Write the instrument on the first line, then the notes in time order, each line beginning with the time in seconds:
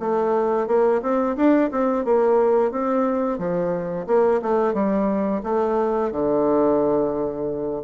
bassoon
0.00 A3
0.68 A#3
1.02 C4
1.37 D4
1.72 C4
2.05 A#3
2.71 C4
3.39 F3
4.07 A#3
4.43 A3
4.74 G3
5.44 A3
6.12 D3